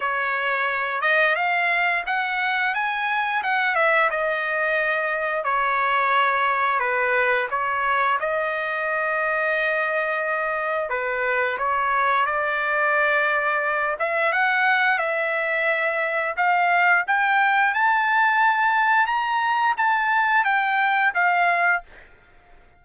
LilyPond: \new Staff \with { instrumentName = "trumpet" } { \time 4/4 \tempo 4 = 88 cis''4. dis''8 f''4 fis''4 | gis''4 fis''8 e''8 dis''2 | cis''2 b'4 cis''4 | dis''1 |
b'4 cis''4 d''2~ | d''8 e''8 fis''4 e''2 | f''4 g''4 a''2 | ais''4 a''4 g''4 f''4 | }